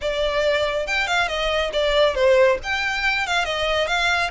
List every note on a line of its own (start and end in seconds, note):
0.01 0.86 D5
0.86 1.07 G5
1.07 1.28 F5
1.28 1.71 D#5
1.72 2.14 D5
2.14 2.57 C5
2.63 3.26 G5
3.26 3.44 F5
3.44 3.87 D#5
3.87 4.30 F5